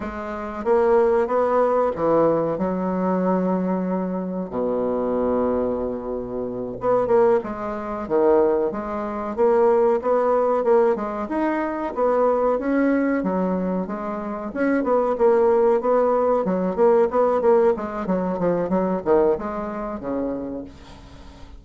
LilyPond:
\new Staff \with { instrumentName = "bassoon" } { \time 4/4 \tempo 4 = 93 gis4 ais4 b4 e4 | fis2. b,4~ | b,2~ b,8 b8 ais8 gis8~ | gis8 dis4 gis4 ais4 b8~ |
b8 ais8 gis8 dis'4 b4 cis'8~ | cis'8 fis4 gis4 cis'8 b8 ais8~ | ais8 b4 fis8 ais8 b8 ais8 gis8 | fis8 f8 fis8 dis8 gis4 cis4 | }